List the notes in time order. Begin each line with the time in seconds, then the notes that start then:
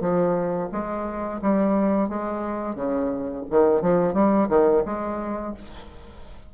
0.00 F3
0.71 G#3
1.41 G3
2.08 G#3
2.75 C#3
3.50 D#3
3.81 F3
4.13 G3
4.49 D#3
4.85 G#3